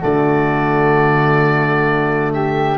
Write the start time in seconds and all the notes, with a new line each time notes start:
0.00 D3 A3 F#4 D5
2.33 G4 E5